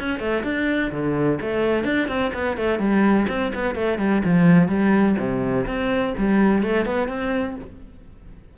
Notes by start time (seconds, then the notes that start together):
0.00 C#4
0.19 A3
0.44 D4
0.92 D3
1.41 A3
1.85 D4
2.08 C4
2.34 B3
2.58 A3
2.79 G3
3.29 C4
3.55 B3
3.75 A3
3.99 G3
4.25 F3
4.69 G3
5.19 C3
5.67 C4
6.18 G3
6.63 A3
6.86 B3
7.09 C4